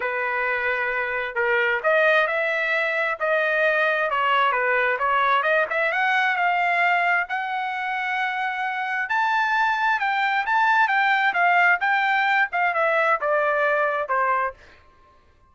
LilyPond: \new Staff \with { instrumentName = "trumpet" } { \time 4/4 \tempo 4 = 132 b'2. ais'4 | dis''4 e''2 dis''4~ | dis''4 cis''4 b'4 cis''4 | dis''8 e''8 fis''4 f''2 |
fis''1 | a''2 g''4 a''4 | g''4 f''4 g''4. f''8 | e''4 d''2 c''4 | }